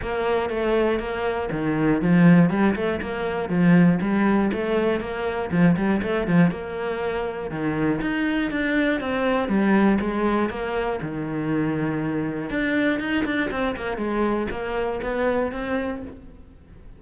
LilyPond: \new Staff \with { instrumentName = "cello" } { \time 4/4 \tempo 4 = 120 ais4 a4 ais4 dis4 | f4 g8 a8 ais4 f4 | g4 a4 ais4 f8 g8 | a8 f8 ais2 dis4 |
dis'4 d'4 c'4 g4 | gis4 ais4 dis2~ | dis4 d'4 dis'8 d'8 c'8 ais8 | gis4 ais4 b4 c'4 | }